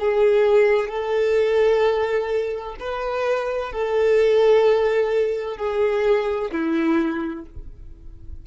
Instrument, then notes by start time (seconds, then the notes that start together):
violin
0.00 G#4
0.89 A4
2.80 B4
3.73 A4
5.58 G#4
6.52 E4